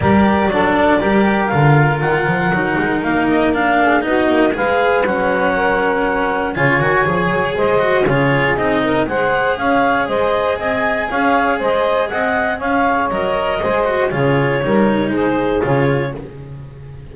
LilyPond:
<<
  \new Staff \with { instrumentName = "clarinet" } { \time 4/4 \tempo 4 = 119 d''2. f''4 | fis''2 f''8 dis''8 f''4 | dis''4 f''4 fis''2~ | fis''4 gis''2 dis''4 |
cis''4 dis''4 fis''4 f''4 | dis''4 gis''4 f''4 dis''4 | fis''4 f''4 dis''2 | cis''2 c''4 cis''4 | }
  \new Staff \with { instrumentName = "saxophone" } { \time 4/4 ais'4 a'4 ais'2~ | ais'2.~ ais'8 gis'8 | fis'4 b'2 ais'4~ | ais'4 cis''2 c''4 |
gis'4. ais'8 c''4 cis''4 | c''4 dis''4 cis''4 c''4 | dis''4 cis''2 c''4 | gis'4 ais'4 gis'2 | }
  \new Staff \with { instrumentName = "cello" } { \time 4/4 g'4 d'4 g'4 f'4~ | f'4 dis'2 d'4 | dis'4 gis'4 cis'2~ | cis'4 f'8 fis'8 gis'4. fis'8 |
f'4 dis'4 gis'2~ | gis'1~ | gis'2 ais'4 gis'8 fis'8 | f'4 dis'2 f'4 | }
  \new Staff \with { instrumentName = "double bass" } { \time 4/4 g4 fis4 g4 d4 | dis8 f8 fis8 gis8 ais2 | b8 ais8 gis4 fis2~ | fis4 cis8 dis8 f8 fis8 gis4 |
cis4 c'4 gis4 cis'4 | gis4 c'4 cis'4 gis4 | c'4 cis'4 fis4 gis4 | cis4 g4 gis4 cis4 | }
>>